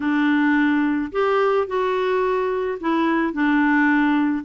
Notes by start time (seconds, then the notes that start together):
0.00 D4
1.12 G4
1.67 F#4
2.80 E4
3.33 D4